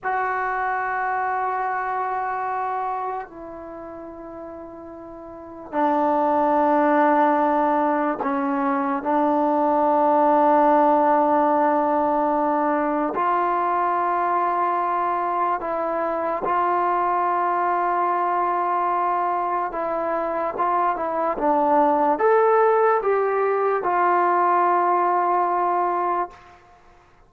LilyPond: \new Staff \with { instrumentName = "trombone" } { \time 4/4 \tempo 4 = 73 fis'1 | e'2. d'4~ | d'2 cis'4 d'4~ | d'1 |
f'2. e'4 | f'1 | e'4 f'8 e'8 d'4 a'4 | g'4 f'2. | }